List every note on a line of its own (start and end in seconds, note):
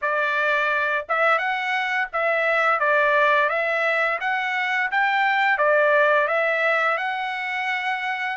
0.01 1.06 D5
1.08 1.38 E5
1.38 2.08 F#5
2.12 2.79 E5
2.79 3.49 D5
3.49 4.19 E5
4.20 4.90 F#5
4.91 5.58 G5
5.58 6.27 D5
6.27 6.97 E5
6.97 8.37 F#5